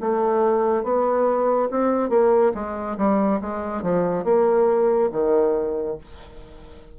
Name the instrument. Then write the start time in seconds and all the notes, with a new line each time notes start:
bassoon
0.00 A3
0.83 B3
1.70 C4
2.09 A#3
2.54 G#3
2.97 G3
3.41 G#3
3.82 F3
4.24 A#3
5.12 D#3